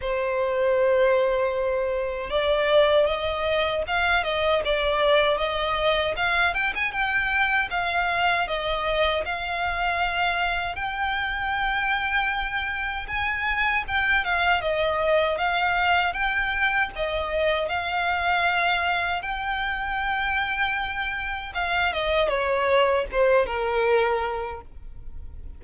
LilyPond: \new Staff \with { instrumentName = "violin" } { \time 4/4 \tempo 4 = 78 c''2. d''4 | dis''4 f''8 dis''8 d''4 dis''4 | f''8 g''16 gis''16 g''4 f''4 dis''4 | f''2 g''2~ |
g''4 gis''4 g''8 f''8 dis''4 | f''4 g''4 dis''4 f''4~ | f''4 g''2. | f''8 dis''8 cis''4 c''8 ais'4. | }